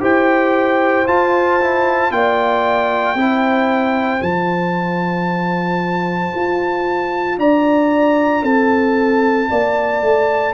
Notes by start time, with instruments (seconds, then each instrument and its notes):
0.00 tuba E4, trombone G4, horn C5, trumpet G5
1.07 tuba F4, trombone F4, trumpet A5
1.61 trombone E4
2.11 tuba A#3, trombone F4, horn D5, trumpet G5
3.15 tuba C4, trombone E4, horn C5
4.20 tuba F3, trombone F4, trumpet A5
6.35 tuba F4
7.37 tuba D4, horn D5, trumpet A#5
8.43 tuba C4, horn A4, trumpet A5
9.50 tuba A#3, horn D5
10.02 tuba A3